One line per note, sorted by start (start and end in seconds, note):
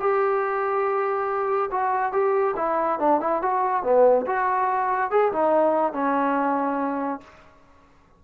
0.00 1.70 G4
1.71 2.12 F#4
2.12 2.55 G4
2.57 2.99 E4
2.99 3.21 D4
3.21 3.42 E4
3.42 3.83 F#4
3.83 4.26 B3
4.26 5.11 F#4
5.11 5.32 G#4
5.33 5.93 D#4
5.93 7.21 C#4